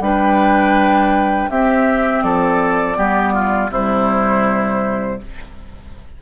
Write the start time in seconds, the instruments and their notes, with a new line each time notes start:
0.00 bassoon G3, clarinet D4, oboe B4, flute G5
1.50 bassoon C4, clarinet C4, oboe G4, flute E5
2.22 bassoon F3, oboe A4, flute D5
2.95 bassoon G3, clarinet B3, oboe G4
3.33 oboe F4
3.71 bassoon C3, clarinet G3, oboe E4, flute C5